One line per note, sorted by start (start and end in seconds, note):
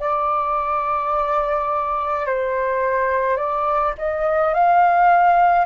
0.00 2.26 D5
2.26 3.37 C5
3.37 3.94 D5
3.98 4.54 D#5
4.54 5.66 F5